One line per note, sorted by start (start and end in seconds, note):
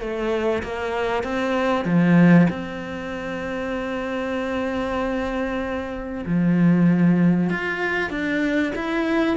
0.00 0.62 A3
0.63 1.23 A#3
1.23 1.85 C4
1.85 2.47 F3
2.49 6.24 C4
6.26 7.50 F3
7.50 8.10 F4
8.10 8.72 D4
8.75 9.37 E4